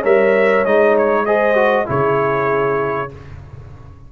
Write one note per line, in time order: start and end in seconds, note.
0.00 0.65 G3
0.00 0.65 A#4
0.00 1.22 C#5
0.00 0.65 E5
0.65 1.88 G#3
0.65 1.26 D#4
0.65 0.96 D#5
0.98 1.25 C#5
1.25 1.55 G#4
1.25 1.87 C5
1.25 1.86 D#5
1.55 1.86 F#4
1.86 3.12 C#3
1.86 3.08 E4
1.86 3.11 G#4
1.86 3.12 C#5